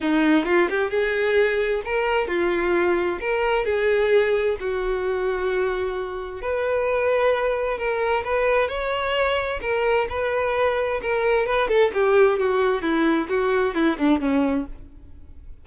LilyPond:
\new Staff \with { instrumentName = "violin" } { \time 4/4 \tempo 4 = 131 dis'4 f'8 g'8 gis'2 | ais'4 f'2 ais'4 | gis'2 fis'2~ | fis'2 b'2~ |
b'4 ais'4 b'4 cis''4~ | cis''4 ais'4 b'2 | ais'4 b'8 a'8 g'4 fis'4 | e'4 fis'4 e'8 d'8 cis'4 | }